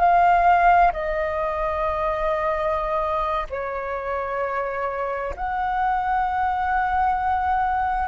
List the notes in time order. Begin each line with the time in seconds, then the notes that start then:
0.00 F5
0.93 D#5
3.50 C#5
5.37 F#5